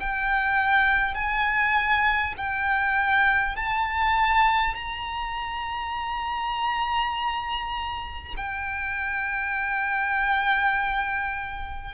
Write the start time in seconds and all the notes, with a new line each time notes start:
0.00 G5
1.14 G#5
2.37 G5
3.56 A5
4.75 A#5
8.37 G5